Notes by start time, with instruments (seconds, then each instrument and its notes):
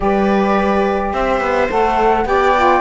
0.00 cello G3, saxophone G4, viola B4, flute D5
1.12 cello C4, viola C5, flute E5
1.40 cello B3
1.69 cello A3, saxophone A4, flute F#5
2.25 cello B3, saxophone G4, viola D5, flute G5
2.55 saxophone F4